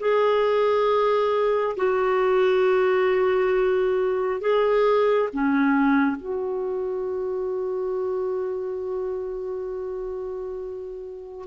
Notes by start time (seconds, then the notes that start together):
0.00 G#4
1.77 F#4
4.41 G#4
5.33 C#4
6.16 F#4